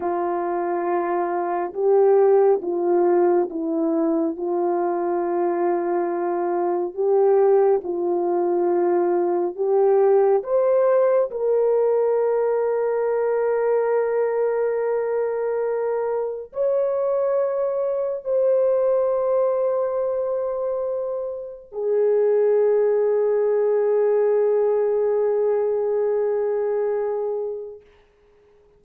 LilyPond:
\new Staff \with { instrumentName = "horn" } { \time 4/4 \tempo 4 = 69 f'2 g'4 f'4 | e'4 f'2. | g'4 f'2 g'4 | c''4 ais'2.~ |
ais'2. cis''4~ | cis''4 c''2.~ | c''4 gis'2.~ | gis'1 | }